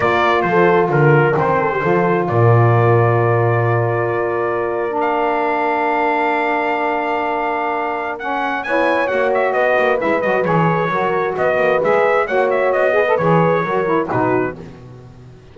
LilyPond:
<<
  \new Staff \with { instrumentName = "trumpet" } { \time 4/4 \tempo 4 = 132 d''4 c''4 ais'4 c''4~ | c''4 d''2.~ | d''2. f''4~ | f''1~ |
f''2 fis''4 gis''4 | fis''8 e''8 dis''4 e''8 dis''8 cis''4~ | cis''4 dis''4 e''4 fis''8 e''8 | dis''4 cis''2 b'4 | }
  \new Staff \with { instrumentName = "horn" } { \time 4/4 ais'4 a'4 ais'4. a'16 g'16 | a'4 ais'2.~ | ais'1~ | ais'1~ |
ais'2. cis''4~ | cis''4 b'2. | ais'4 b'2 cis''4~ | cis''8 b'4. ais'4 fis'4 | }
  \new Staff \with { instrumentName = "saxophone" } { \time 4/4 f'2. c'4 | f'1~ | f'2~ f'8. d'4~ d'16~ | d'1~ |
d'2 cis'4 e'4 | fis'2 e'8 fis'8 gis'4 | fis'2 gis'4 fis'4~ | fis'8 gis'16 a'16 gis'4 fis'8 e'8 dis'4 | }
  \new Staff \with { instrumentName = "double bass" } { \time 4/4 ais4 f4 d4 dis4 | f4 ais,2.~ | ais,4 ais2.~ | ais1~ |
ais2. b4 | ais4 b8 ais8 gis8 fis8 e4 | fis4 b8 ais8 gis4 ais4 | b4 e4 fis4 b,4 | }
>>